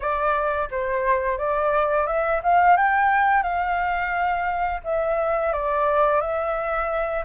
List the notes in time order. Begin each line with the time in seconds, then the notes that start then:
0.00 D5
0.70 C5
1.38 D5
2.07 E5
2.43 F5
2.76 G5
3.42 F5
4.84 E5
5.53 D5
6.21 E5